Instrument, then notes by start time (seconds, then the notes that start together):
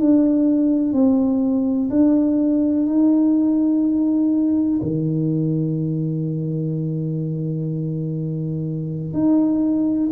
tuba
0.00 D4
0.93 C4
1.90 D4
2.86 D#4
4.82 D#3
9.13 D#4